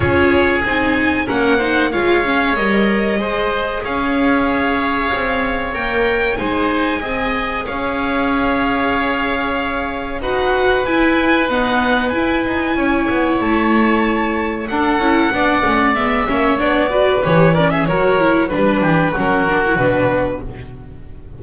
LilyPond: <<
  \new Staff \with { instrumentName = "violin" } { \time 4/4 \tempo 4 = 94 cis''4 gis''4 fis''4 f''4 | dis''2 f''2~ | f''4 g''4 gis''2 | f''1 |
fis''4 gis''4 fis''4 gis''4~ | gis''4 a''2 fis''4~ | fis''4 e''4 d''4 cis''8 d''16 e''16 | cis''4 b'4 ais'4 b'4 | }
  \new Staff \with { instrumentName = "oboe" } { \time 4/4 gis'2 ais'8 c''8 cis''4~ | cis''4 c''4 cis''2~ | cis''2 c''4 dis''4 | cis''1 |
b'1 | cis''2. a'4 | d''4. cis''4 b'4 ais'16 gis'16 | ais'4 b'8 g'8 fis'2 | }
  \new Staff \with { instrumentName = "viola" } { \time 4/4 f'4 dis'4 cis'8 dis'8 f'8 cis'8 | ais'4 gis'2.~ | gis'4 ais'4 dis'4 gis'4~ | gis'1 |
fis'4 e'4 b4 e'4~ | e'2. d'8 e'8 | d'8 cis'8 b8 cis'8 d'8 fis'8 g'8 cis'8 | fis'8 e'8 d'4 cis'8 d'16 e'16 d'4 | }
  \new Staff \with { instrumentName = "double bass" } { \time 4/4 cis'4 c'4 ais4 gis4 | g4 gis4 cis'2 | c'4 ais4 gis4 c'4 | cis'1 |
dis'4 e'4 dis'4 e'8 dis'8 | cis'8 b8 a2 d'8 cis'8 | b8 a8 gis8 ais8 b4 e4 | fis4 g8 e8 fis4 b,4 | }
>>